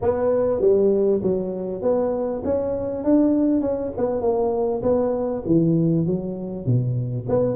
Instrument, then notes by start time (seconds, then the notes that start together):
tuba
0.01 B3
0.60 G3
1.22 F#3
1.82 B3
2.44 C#4
3.04 D4
3.61 C#4
3.97 B3
4.21 A#3
4.82 B3
5.45 E3
6.06 F#3
6.66 B2
7.28 B3